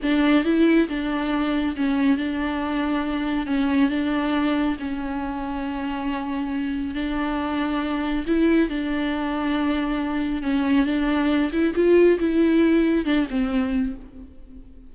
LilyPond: \new Staff \with { instrumentName = "viola" } { \time 4/4 \tempo 4 = 138 d'4 e'4 d'2 | cis'4 d'2. | cis'4 d'2 cis'4~ | cis'1 |
d'2. e'4 | d'1 | cis'4 d'4. e'8 f'4 | e'2 d'8 c'4. | }